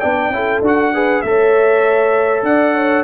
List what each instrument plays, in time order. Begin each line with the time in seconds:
0.00 tuba B3, trombone D4, horn D5, trumpet G5
0.30 tuba C#4, trombone E4, horn A4
0.62 tuba D4, trombone F#4, trumpet F#5
0.94 trombone G#4, horn B4
1.22 tuba A3, trombone A4, trumpet E5
1.28 horn C#5
2.43 tuba D4, horn D5, trumpet F#5
2.74 horn C#5